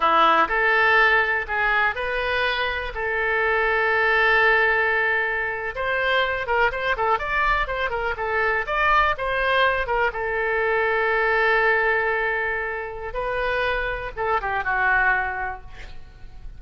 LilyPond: \new Staff \with { instrumentName = "oboe" } { \time 4/4 \tempo 4 = 123 e'4 a'2 gis'4 | b'2 a'2~ | a'2.~ a'8. c''16~ | c''4~ c''16 ais'8 c''8 a'8 d''4 c''16~ |
c''16 ais'8 a'4 d''4 c''4~ c''16~ | c''16 ais'8 a'2.~ a'16~ | a'2. b'4~ | b'4 a'8 g'8 fis'2 | }